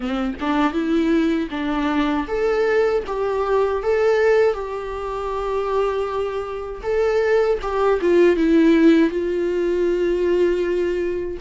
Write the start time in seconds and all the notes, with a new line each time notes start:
0.00 C4
0.40 D4
0.72 E4
1.50 D4
2.28 A4
3.07 G4
3.83 A4
4.53 G4
6.82 A4
7.62 G4
8.01 F4
8.36 E4
9.10 F4